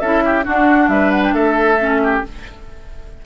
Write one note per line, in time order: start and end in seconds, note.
0.00 0.45 C#4
0.00 0.44 E4
0.00 0.23 A4
0.00 0.44 E5
0.25 0.45 G4
0.44 1.77 D4
0.44 0.88 D4
0.44 0.89 F#4
0.44 0.89 F#5
0.88 1.33 G3
0.88 1.34 B4
0.88 1.11 E5
1.11 1.22 F#5
1.23 1.34 G5
1.33 2.22 A3
1.33 2.01 A4
1.33 2.23 E5
1.79 2.23 C#4
2.03 2.26 G4